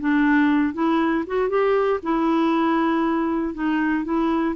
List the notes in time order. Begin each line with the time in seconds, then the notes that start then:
0.00 D4
0.73 E4
1.27 F#4
1.49 G4
2.02 E4
3.54 D#4
4.04 E4